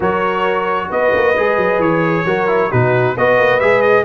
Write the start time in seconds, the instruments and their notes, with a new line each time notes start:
0.00 tuba F#3, trombone F#4, horn A#4, trumpet C#5
0.89 tuba B3, horn B4, trumpet D#5
1.13 tuba A#3
1.36 tuba G#3, trombone G#4
1.57 tuba F#3
1.79 tuba E3, trumpet C#5
2.25 tuba F#3, trombone F#4, horn A#4
2.47 trombone E4
2.70 tuba B2, trombone D#4, horn F#4, trumpet B4
3.17 tuba B3, trombone F#4, horn B4, trumpet D#5
3.38 tuba A#3
3.60 tuba G#3, trombone G#4, trumpet E5
3.81 trumpet D#5